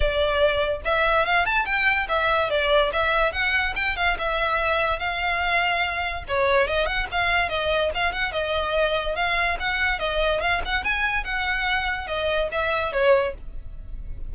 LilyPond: \new Staff \with { instrumentName = "violin" } { \time 4/4 \tempo 4 = 144 d''2 e''4 f''8 a''8 | g''4 e''4 d''4 e''4 | fis''4 g''8 f''8 e''2 | f''2. cis''4 |
dis''8 fis''8 f''4 dis''4 f''8 fis''8 | dis''2 f''4 fis''4 | dis''4 f''8 fis''8 gis''4 fis''4~ | fis''4 dis''4 e''4 cis''4 | }